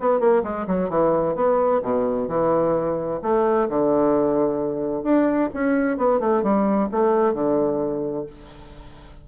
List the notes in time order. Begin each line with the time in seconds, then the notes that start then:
0.00 B3
0.20 A#3
0.43 G#3
0.67 F#3
0.90 E3
1.36 B3
1.82 B2
2.28 E3
3.22 A3
3.69 D3
5.03 D4
5.54 C#4
5.97 B3
6.20 A3
6.43 G3
6.92 A3
7.34 D3